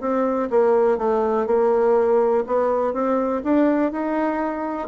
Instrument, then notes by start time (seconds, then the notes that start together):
bassoon
0.00 C4
0.50 A#3
0.98 A3
1.47 A#3
2.47 B3
2.94 C4
3.44 D4
3.92 D#4